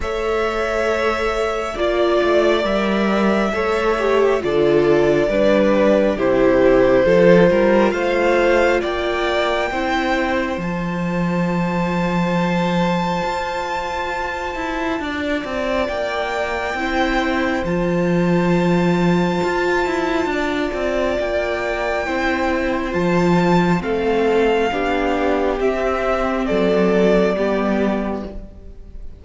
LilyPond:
<<
  \new Staff \with { instrumentName = "violin" } { \time 4/4 \tempo 4 = 68 e''2 d''4 e''4~ | e''4 d''2 c''4~ | c''4 f''4 g''2 | a''1~ |
a''2 g''2 | a''1 | g''2 a''4 f''4~ | f''4 e''4 d''2 | }
  \new Staff \with { instrumentName = "violin" } { \time 4/4 cis''2 d''2 | cis''4 a'4 b'4 g'4 | a'8 ais'8 c''4 d''4 c''4~ | c''1~ |
c''4 d''2 c''4~ | c''2. d''4~ | d''4 c''2 a'4 | g'2 a'4 g'4 | }
  \new Staff \with { instrumentName = "viola" } { \time 4/4 a'2 f'4 ais'4 | a'8 g'8 f'4 d'4 e'4 | f'2. e'4 | f'1~ |
f'2. e'4 | f'1~ | f'4 e'4 f'4 c'4 | d'4 c'2 b4 | }
  \new Staff \with { instrumentName = "cello" } { \time 4/4 a2 ais8 a8 g4 | a4 d4 g4 c4 | f8 g8 a4 ais4 c'4 | f2. f'4~ |
f'8 e'8 d'8 c'8 ais4 c'4 | f2 f'8 e'8 d'8 c'8 | ais4 c'4 f4 a4 | b4 c'4 fis4 g4 | }
>>